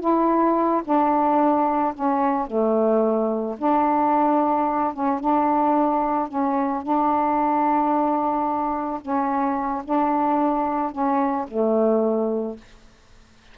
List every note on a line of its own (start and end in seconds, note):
0.00 0.82 E4
0.84 1.93 D4
1.94 2.47 C#4
2.47 3.56 A3
3.58 4.93 D4
4.93 5.19 C#4
5.19 6.28 D4
6.28 6.82 C#4
6.82 9.00 D4
9.01 9.83 C#4
9.84 10.91 D4
10.91 11.46 C#4
11.47 12.57 A3